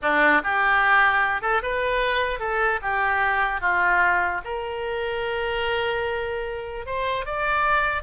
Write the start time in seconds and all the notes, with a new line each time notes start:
0.01 D4
0.43 G4
1.41 A4
1.62 B4
2.39 A4
2.82 G4
3.60 F4
4.44 A#4
6.86 C5
7.25 D5